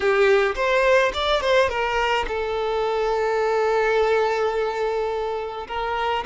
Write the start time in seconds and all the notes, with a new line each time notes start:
0.00 G4
0.55 C5
1.13 D5
1.41 C5
1.69 A#4
2.27 A4
5.67 A#4